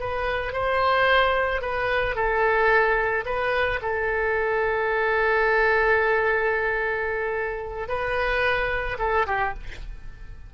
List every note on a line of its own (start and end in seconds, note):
0.00 0.53 B4
0.53 1.62 C5
1.62 2.15 B4
2.15 3.25 A4
3.26 3.80 B4
3.82 7.88 A4
7.88 8.98 B4
8.99 9.26 A4
9.27 9.54 G4